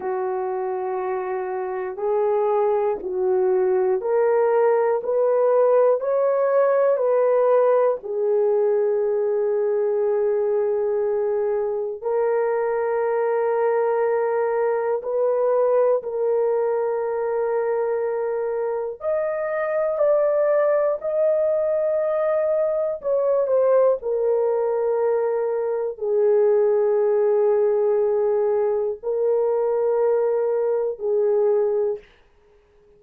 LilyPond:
\new Staff \with { instrumentName = "horn" } { \time 4/4 \tempo 4 = 60 fis'2 gis'4 fis'4 | ais'4 b'4 cis''4 b'4 | gis'1 | ais'2. b'4 |
ais'2. dis''4 | d''4 dis''2 cis''8 c''8 | ais'2 gis'2~ | gis'4 ais'2 gis'4 | }